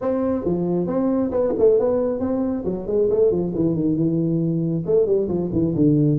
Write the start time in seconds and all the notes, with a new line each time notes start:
0.01 C4
0.44 F3
0.86 C4
1.31 B3
1.58 A3
1.79 B3
2.19 C4
2.65 F#3
2.87 G#3
3.10 A3
3.31 F3
3.55 E3
3.75 D#3
3.95 E3
4.85 A3
5.06 G3
5.28 F3
5.52 E3
5.75 D3